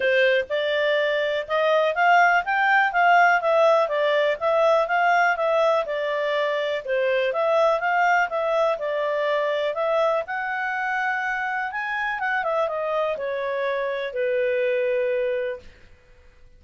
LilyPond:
\new Staff \with { instrumentName = "clarinet" } { \time 4/4 \tempo 4 = 123 c''4 d''2 dis''4 | f''4 g''4 f''4 e''4 | d''4 e''4 f''4 e''4 | d''2 c''4 e''4 |
f''4 e''4 d''2 | e''4 fis''2. | gis''4 fis''8 e''8 dis''4 cis''4~ | cis''4 b'2. | }